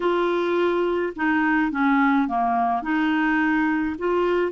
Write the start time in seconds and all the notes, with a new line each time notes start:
0.00 F4
1.16 D#4
1.71 C#4
2.27 A#3
2.82 D#4
3.98 F4